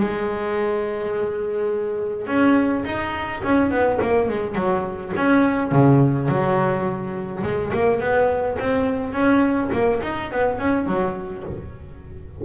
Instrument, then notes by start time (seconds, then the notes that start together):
double bass
0.00 G#3
2.27 C#4
2.85 D#4
3.44 C#4
3.71 B3
4.01 A#3
4.29 G#3
4.55 F#3
5.16 C#4
5.71 C#3
6.28 F#3
7.43 G#3
7.73 A#3
8.00 B3
8.59 C4
9.13 C#4
9.72 A#3
10.03 D#4
10.31 B3
10.59 C#4
10.86 F#3